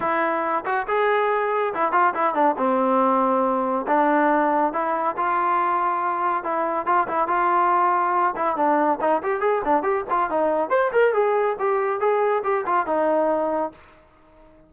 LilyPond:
\new Staff \with { instrumentName = "trombone" } { \time 4/4 \tempo 4 = 140 e'4. fis'8 gis'2 | e'8 f'8 e'8 d'8 c'2~ | c'4 d'2 e'4 | f'2. e'4 |
f'8 e'8 f'2~ f'8 e'8 | d'4 dis'8 g'8 gis'8 d'8 g'8 f'8 | dis'4 c''8 ais'8 gis'4 g'4 | gis'4 g'8 f'8 dis'2 | }